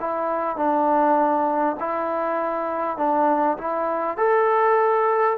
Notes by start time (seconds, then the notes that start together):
0.00 E4
0.56 D4
1.80 E4
2.98 D4
3.58 E4
4.18 A4